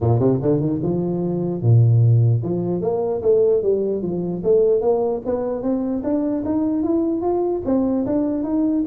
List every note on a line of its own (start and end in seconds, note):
0.00 0.19 A#2
0.19 0.39 C3
0.41 0.60 D3
0.60 0.80 D#3
0.83 1.62 F3
1.62 2.42 A#2
2.43 2.81 F3
2.81 3.21 A#3
3.22 3.62 A3
3.62 4.02 G3
4.02 4.42 F3
4.43 4.81 A3
4.81 5.21 A#3
5.25 5.62 B3
5.62 6.02 C4
6.03 6.43 D4
6.45 6.83 D#4
6.83 7.21 E4
7.21 7.62 F4
7.65 8.05 C4
8.06 8.43 D4
8.43 8.84 D#4